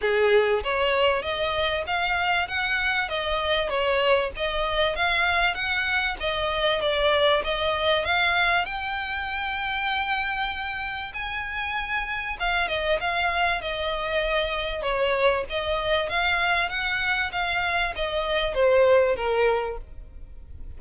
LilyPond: \new Staff \with { instrumentName = "violin" } { \time 4/4 \tempo 4 = 97 gis'4 cis''4 dis''4 f''4 | fis''4 dis''4 cis''4 dis''4 | f''4 fis''4 dis''4 d''4 | dis''4 f''4 g''2~ |
g''2 gis''2 | f''8 dis''8 f''4 dis''2 | cis''4 dis''4 f''4 fis''4 | f''4 dis''4 c''4 ais'4 | }